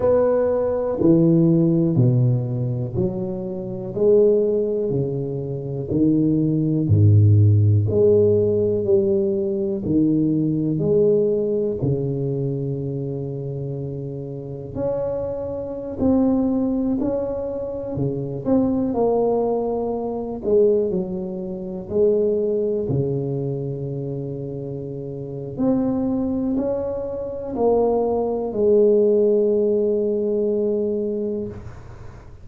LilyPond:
\new Staff \with { instrumentName = "tuba" } { \time 4/4 \tempo 4 = 61 b4 e4 b,4 fis4 | gis4 cis4 dis4 gis,4 | gis4 g4 dis4 gis4 | cis2. cis'4~ |
cis'16 c'4 cis'4 cis8 c'8 ais8.~ | ais8. gis8 fis4 gis4 cis8.~ | cis2 c'4 cis'4 | ais4 gis2. | }